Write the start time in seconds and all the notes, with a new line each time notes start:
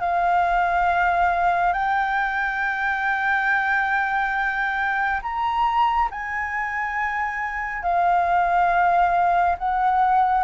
0.00 F5
1.73 G5
5.22 A#5
6.11 G#5
7.82 F5
9.58 F#5